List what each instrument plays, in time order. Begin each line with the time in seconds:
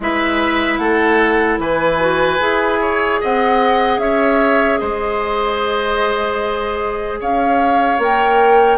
0.00 bassoon G#3, clarinet E4, oboe B4, flute E5
0.77 bassoon A3, oboe A4, flute F#5
1.58 bassoon E3, oboe B4, flute G#5
2.00 clarinet F#4
2.38 bassoon E4, clarinet G#4
2.80 oboe C#5
3.20 bassoon C4, oboe D#5, flute F#5
3.98 bassoon C#4, oboe C#5, flute E5
4.78 bassoon G#3, oboe C5, flute D#5
7.20 bassoon C#4, oboe C#5, flute F5
7.98 bassoon A#3, clarinet A#4, flute G5